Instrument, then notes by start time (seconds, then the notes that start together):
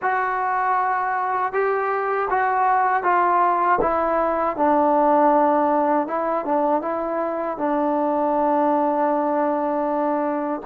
trombone
0.01 F#4
1.52 G4
2.30 F#4
3.03 F4
3.81 E4
4.56 D4
6.07 E4
6.45 D4
6.81 E4
7.57 D4